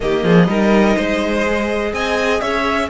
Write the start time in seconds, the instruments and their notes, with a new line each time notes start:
0.00 cello D#3, viola A#3, violin G4 D#5
0.23 cello F3, violin G#4
0.47 cello G3, viola D#4, violin A#4
0.95 cello G#3, violin C5
1.47 viola G#4
1.93 cello C4, violin D#5 G#5
2.40 cello C#4, violin C#5 E5